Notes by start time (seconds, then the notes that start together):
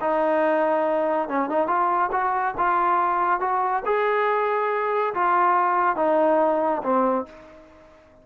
0.00 D#4
1.28 C#4
1.49 D#4
1.67 F4
2.11 F#4
2.57 F4
3.40 F#4
3.85 G#4
5.14 F4
5.96 D#4
6.83 C4